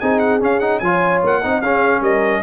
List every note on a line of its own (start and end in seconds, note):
0.00 0.42 C4
0.00 0.41 D#4
0.00 0.82 G#4
0.00 0.19 G#5
0.19 0.39 F#5
0.41 0.61 C#4
0.41 0.81 C#4
0.41 0.60 F5
0.60 0.82 D#4
0.60 0.80 F#5
0.80 1.22 F3
0.80 1.42 F4
0.80 1.41 C#5
0.80 1.20 G#5
1.23 1.44 A#3
1.23 1.61 F#5
1.41 1.62 C4
1.41 1.63 D#4
1.41 1.62 D#5
1.61 2.01 C#4
1.61 2.43 C#4
1.61 2.01 G#4
1.61 2.02 F5
2.01 2.42 G3
2.01 2.42 A#4
2.01 2.43 D#5